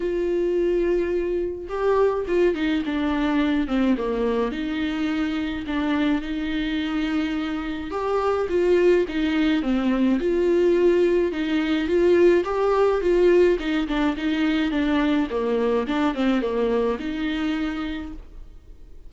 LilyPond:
\new Staff \with { instrumentName = "viola" } { \time 4/4 \tempo 4 = 106 f'2. g'4 | f'8 dis'8 d'4. c'8 ais4 | dis'2 d'4 dis'4~ | dis'2 g'4 f'4 |
dis'4 c'4 f'2 | dis'4 f'4 g'4 f'4 | dis'8 d'8 dis'4 d'4 ais4 | d'8 c'8 ais4 dis'2 | }